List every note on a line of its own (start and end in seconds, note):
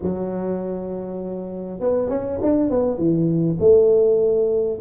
0.02 1.80 F#3
1.80 2.09 B3
2.09 2.39 C#4
2.42 2.70 D4
2.70 2.98 B3
2.98 3.58 E3
3.59 4.79 A3